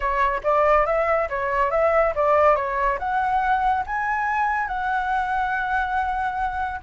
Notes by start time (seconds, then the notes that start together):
0.00 C#5
0.43 D5
0.85 E5
1.29 C#5
1.70 E5
2.15 D5
2.55 C#5
2.98 F#5
3.86 G#5
4.67 F#5